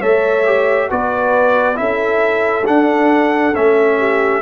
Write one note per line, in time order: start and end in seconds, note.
0.00 0.90 A3
0.00 0.45 A4
0.00 0.88 C#5
0.00 0.89 E5
0.45 0.90 G4
0.90 1.79 B3
0.90 1.75 F#4
0.90 1.78 B4
0.90 1.77 D5
1.75 2.66 C#4
1.75 2.63 E4
1.75 3.98 A4
1.75 2.65 E5
2.65 3.53 D4
2.65 3.54 D4
2.65 3.55 F#5
3.55 4.42 A3
3.55 4.42 C#4
3.55 4.42 E5
3.98 4.42 G4